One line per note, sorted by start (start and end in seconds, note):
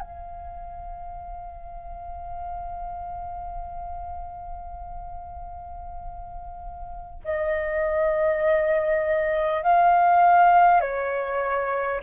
0.00 7.20 F5
7.24 9.63 D#5
9.63 10.81 F5
10.81 12.01 C#5